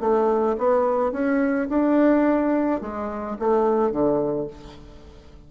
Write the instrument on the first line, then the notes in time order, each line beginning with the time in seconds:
bassoon
0.00 A3
0.58 B3
1.12 C#4
1.69 D4
2.81 G#3
3.39 A3
3.91 D3